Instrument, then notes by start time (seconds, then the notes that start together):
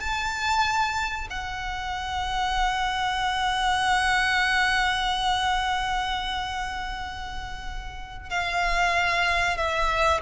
violin
0.00 A5
1.30 F#5
8.30 F5
9.57 E5